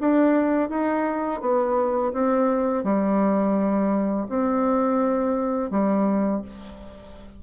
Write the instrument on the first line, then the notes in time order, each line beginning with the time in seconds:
bassoon
0.00 D4
0.69 D#4
1.41 B3
2.13 C4
2.84 G3
4.29 C4
5.70 G3